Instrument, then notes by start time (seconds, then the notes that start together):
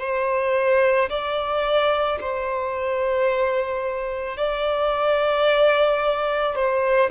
violin
0.00 C5
1.10 D5
2.21 C5
4.37 D5
6.56 C5